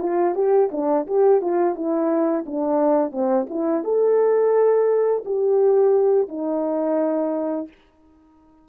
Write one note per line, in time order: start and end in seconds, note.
0.00 0.35 F4
0.35 0.70 G4
0.71 1.06 D4
1.07 1.41 G4
1.41 1.75 F4
1.75 2.45 E4
2.46 3.12 D4
3.12 3.47 C4
3.50 3.84 E4
3.84 5.24 A4
5.25 6.29 G4
6.29 7.68 D#4